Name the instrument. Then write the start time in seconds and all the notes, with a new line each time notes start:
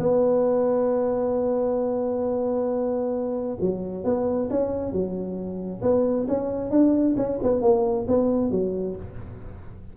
tuba
0.00 B3
3.61 F#3
4.05 B3
4.51 C#4
4.93 F#3
5.82 B3
6.28 C#4
6.71 D4
7.17 C#4
7.43 B3
7.62 A#3
8.08 B3
8.52 F#3